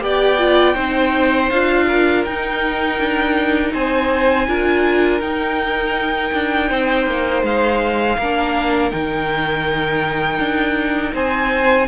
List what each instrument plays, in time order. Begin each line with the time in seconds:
0.00 cello B3, viola G4, violin D5 G5
0.38 viola F4
0.74 cello C4, viola D#4, violin C5
1.50 cello D4, viola F4, violin F5
1.87 violin A#4
2.24 cello D#4, viola D#4, violin G5
2.98 cello D4
3.73 cello C4, violin C5 G#5
4.47 cello D4, viola F4, violin A#4
5.20 cello D#4, viola D#4, violin G5
6.33 cello D4
6.69 cello C4, violin C5
7.06 cello A#3
7.43 cello G#3, violin F5
8.17 cello A#3, viola D4, violin A#4
8.90 cello D#3, viola D#4, violin G5
10.38 cello D4
11.13 cello C4, violin C5 G#5